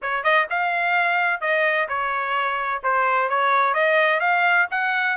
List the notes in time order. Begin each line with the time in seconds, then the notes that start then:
0.02 C#5
0.23 D#5
0.50 F5
1.40 D#5
1.88 C#5
2.83 C5
3.29 C#5
3.74 D#5
4.20 F5
4.70 F#5